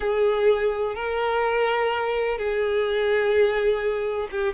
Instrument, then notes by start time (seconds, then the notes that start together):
violin
0.00 G#4
0.95 A#4
2.38 G#4
4.31 G4